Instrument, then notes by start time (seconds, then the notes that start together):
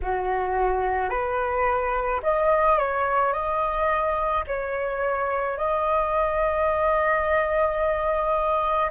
flute
0.02 F#4
1.09 B4
2.22 D#5
2.78 C#5
3.33 D#5
4.47 C#5
5.57 D#5